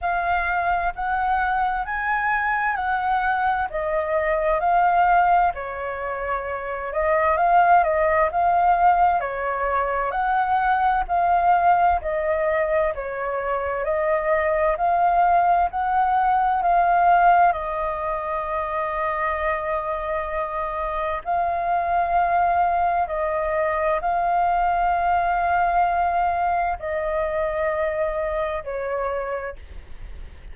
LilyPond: \new Staff \with { instrumentName = "flute" } { \time 4/4 \tempo 4 = 65 f''4 fis''4 gis''4 fis''4 | dis''4 f''4 cis''4. dis''8 | f''8 dis''8 f''4 cis''4 fis''4 | f''4 dis''4 cis''4 dis''4 |
f''4 fis''4 f''4 dis''4~ | dis''2. f''4~ | f''4 dis''4 f''2~ | f''4 dis''2 cis''4 | }